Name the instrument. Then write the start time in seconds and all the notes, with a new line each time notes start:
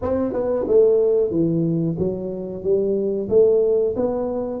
tuba
0.02 C4
0.33 B3
0.67 A3
1.30 E3
1.98 F#3
2.63 G3
3.29 A3
3.96 B3